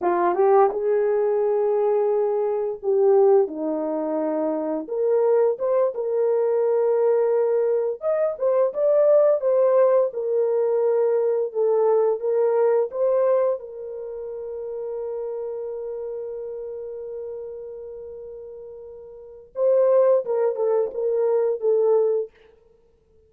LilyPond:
\new Staff \with { instrumentName = "horn" } { \time 4/4 \tempo 4 = 86 f'8 g'8 gis'2. | g'4 dis'2 ais'4 | c''8 ais'2. dis''8 | c''8 d''4 c''4 ais'4.~ |
ais'8 a'4 ais'4 c''4 ais'8~ | ais'1~ | ais'1 | c''4 ais'8 a'8 ais'4 a'4 | }